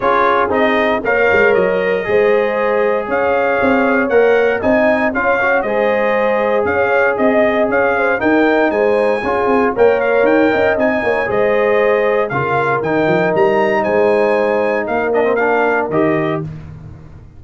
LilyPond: <<
  \new Staff \with { instrumentName = "trumpet" } { \time 4/4 \tempo 4 = 117 cis''4 dis''4 f''4 dis''4~ | dis''2 f''2 | fis''4 gis''4 f''4 dis''4~ | dis''4 f''4 dis''4 f''4 |
g''4 gis''2 g''8 f''8 | g''4 gis''4 dis''2 | f''4 g''4 ais''4 gis''4~ | gis''4 f''8 dis''8 f''4 dis''4 | }
  \new Staff \with { instrumentName = "horn" } { \time 4/4 gis'2 cis''2 | c''2 cis''2~ | cis''4 dis''4 cis''4 c''4~ | c''4 cis''4 dis''4 cis''8 c''8 |
ais'4 c''4 gis'4 cis''4~ | cis''8 dis''4 cis''8 c''2 | ais'2. c''4~ | c''4 ais'2. | }
  \new Staff \with { instrumentName = "trombone" } { \time 4/4 f'4 dis'4 ais'2 | gis'1 | ais'4 dis'4 f'8 fis'8 gis'4~ | gis'1 |
dis'2 f'4 ais'4~ | ais'4 dis'4 gis'2 | f'4 dis'2.~ | dis'4. d'16 c'16 d'4 g'4 | }
  \new Staff \with { instrumentName = "tuba" } { \time 4/4 cis'4 c'4 ais8 gis8 fis4 | gis2 cis'4 c'4 | ais4 c'4 cis'4 gis4~ | gis4 cis'4 c'4 cis'4 |
dis'4 gis4 cis'8 c'8 ais4 | dis'8 cis'8 c'8 ais8 gis2 | cis4 dis8 f8 g4 gis4~ | gis4 ais2 dis4 | }
>>